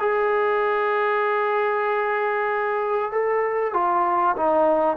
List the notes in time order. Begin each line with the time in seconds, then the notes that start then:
0.00 G#4
3.11 A4
3.73 F4
4.37 D#4